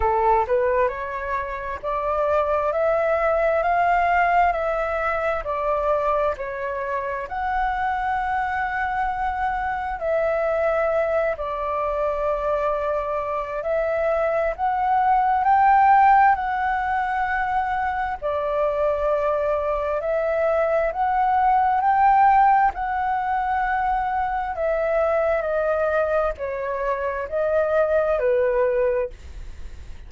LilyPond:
\new Staff \with { instrumentName = "flute" } { \time 4/4 \tempo 4 = 66 a'8 b'8 cis''4 d''4 e''4 | f''4 e''4 d''4 cis''4 | fis''2. e''4~ | e''8 d''2~ d''8 e''4 |
fis''4 g''4 fis''2 | d''2 e''4 fis''4 | g''4 fis''2 e''4 | dis''4 cis''4 dis''4 b'4 | }